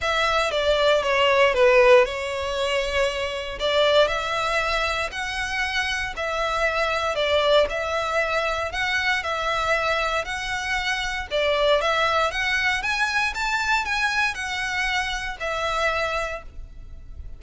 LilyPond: \new Staff \with { instrumentName = "violin" } { \time 4/4 \tempo 4 = 117 e''4 d''4 cis''4 b'4 | cis''2. d''4 | e''2 fis''2 | e''2 d''4 e''4~ |
e''4 fis''4 e''2 | fis''2 d''4 e''4 | fis''4 gis''4 a''4 gis''4 | fis''2 e''2 | }